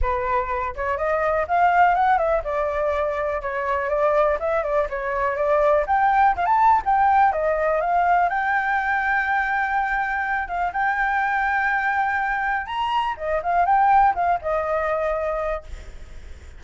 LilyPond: \new Staff \with { instrumentName = "flute" } { \time 4/4 \tempo 4 = 123 b'4. cis''8 dis''4 f''4 | fis''8 e''8 d''2 cis''4 | d''4 e''8 d''8 cis''4 d''4 | g''4 f''16 a''8. g''4 dis''4 |
f''4 g''2.~ | g''4. f''8 g''2~ | g''2 ais''4 dis''8 f''8 | g''4 f''8 dis''2~ dis''8 | }